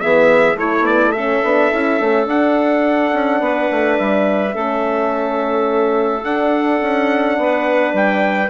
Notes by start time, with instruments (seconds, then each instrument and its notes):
0.00 bassoon E3, horn B3, clarinet G#4, trumpet E5
0.55 bassoon A3, horn A3, clarinet E4, trumpet C#5
0.82 horn B3, trumpet D5
1.12 horn C#4, clarinet A4, trumpet E5
1.43 bassoon B3, horn D4
1.72 bassoon C#4, horn E4
1.99 bassoon A3, horn C#4
2.25 horn D4, bassoon D4, trumpet F#5
3.13 bassoon C#4
3.40 bassoon B3, clarinet B4
3.71 bassoon A3
3.98 bassoon G3, trumpet E5
4.53 bassoon A3, horn C#4, clarinet A4
6.23 bassoon D4, horn D4, trumpet F#5
6.81 bassoon C#4
7.38 bassoon B3, clarinet B4
7.93 bassoon G3, trumpet G5